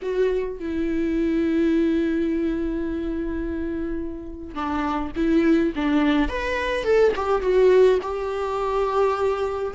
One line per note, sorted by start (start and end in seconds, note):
0.02 0.59 F#4
0.59 4.54 E4
4.54 5.11 D4
5.16 5.73 E4
5.75 6.28 D4
6.28 6.83 B4
6.83 7.12 A4
7.15 7.41 G4
7.41 7.98 F#4
8.02 9.73 G4